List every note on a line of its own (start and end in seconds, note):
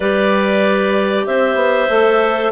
0.00 1.26 G3
0.00 1.89 G4
0.00 1.25 B4
0.00 1.26 D5
1.26 1.55 C4
1.26 2.51 C5
1.26 2.51 E5
1.55 1.86 B3
1.89 2.51 A3
1.89 2.51 A4